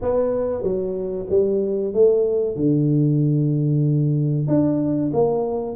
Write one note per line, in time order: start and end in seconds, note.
0.01 0.62 B3
0.62 1.26 F#3
1.29 1.93 G3
1.93 2.56 A3
2.56 4.47 D3
4.47 5.11 D4
5.13 5.76 A#3